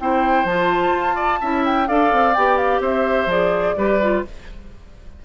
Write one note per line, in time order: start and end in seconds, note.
0.00 0.45 C4
0.00 0.48 E4
0.00 1.15 C5
0.00 0.47 G5
0.45 0.92 F3
0.45 1.42 F4
0.45 1.65 A5
0.93 1.40 F4
1.15 1.39 D5
1.41 1.89 C#4
1.41 1.87 E4
1.41 1.89 E5
1.65 1.88 G5
1.87 2.12 D4
1.87 2.34 A4
1.87 2.82 D5
1.87 2.35 F5
2.12 2.36 C4
2.35 2.80 B3
2.35 3.30 G4
2.35 2.57 G5
2.57 2.81 F5
2.80 3.26 C4
2.80 3.76 C5
2.80 3.31 E5
3.26 3.74 F3
3.26 3.77 G#4
3.26 4.25 D5
3.77 4.24 G3
3.77 4.00 G4
3.77 4.25 B4
4.02 4.25 F4